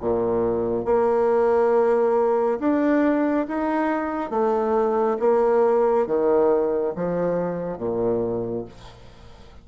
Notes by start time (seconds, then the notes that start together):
0.00 A#2
0.85 A#3
2.59 D4
3.48 D#4
4.30 A3
5.19 A#3
6.07 D#3
6.96 F3
7.78 A#2